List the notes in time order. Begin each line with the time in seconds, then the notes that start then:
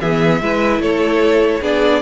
0.00 E3 B3 G#4 E5
0.41 G#3 E4 B4
0.79 A3 A4 C#5
1.62 B3 D4 G#4 D5